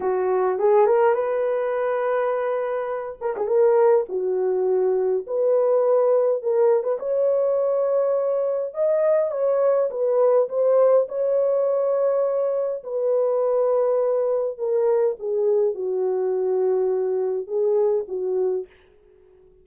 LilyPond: \new Staff \with { instrumentName = "horn" } { \time 4/4 \tempo 4 = 103 fis'4 gis'8 ais'8 b'2~ | b'4. ais'16 gis'16 ais'4 fis'4~ | fis'4 b'2 ais'8. b'16 | cis''2. dis''4 |
cis''4 b'4 c''4 cis''4~ | cis''2 b'2~ | b'4 ais'4 gis'4 fis'4~ | fis'2 gis'4 fis'4 | }